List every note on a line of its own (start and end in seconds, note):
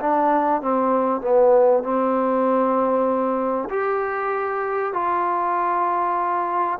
0.00 0.62 D4
0.62 1.21 C4
1.21 1.83 B3
1.83 3.69 C4
3.69 4.93 G4
4.93 6.79 F4